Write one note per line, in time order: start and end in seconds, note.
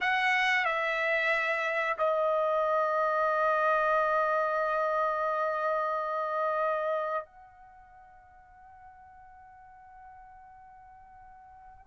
0.00 0.65 F#5
0.65 1.97 E5
1.98 7.25 D#5
7.25 11.86 F#5